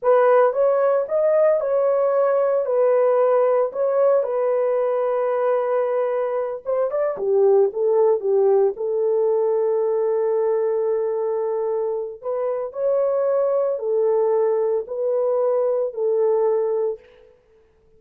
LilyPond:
\new Staff \with { instrumentName = "horn" } { \time 4/4 \tempo 4 = 113 b'4 cis''4 dis''4 cis''4~ | cis''4 b'2 cis''4 | b'1~ | b'8 c''8 d''8 g'4 a'4 g'8~ |
g'8 a'2.~ a'8~ | a'2. b'4 | cis''2 a'2 | b'2 a'2 | }